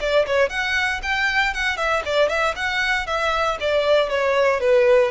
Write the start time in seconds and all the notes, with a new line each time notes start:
0.00 D5
0.26 C#5
0.49 F#5
1.02 G5
1.54 F#5
1.77 E5
2.05 D5
2.29 E5
2.55 F#5
3.06 E5
3.60 D5
4.09 C#5
4.60 B4